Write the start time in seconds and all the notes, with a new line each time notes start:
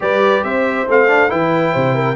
0.00 G3 G4 B4 D5
0.43 C4 C5 E5
0.87 A3 C4 F5
1.07 D4
1.29 E3 E4 B4 G5
1.73 C3 C5
1.95 A#4